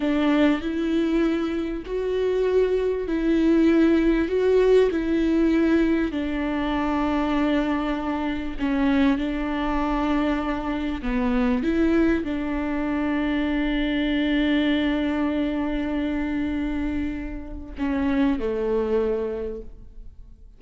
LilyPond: \new Staff \with { instrumentName = "viola" } { \time 4/4 \tempo 4 = 98 d'4 e'2 fis'4~ | fis'4 e'2 fis'4 | e'2 d'2~ | d'2 cis'4 d'4~ |
d'2 b4 e'4 | d'1~ | d'1~ | d'4 cis'4 a2 | }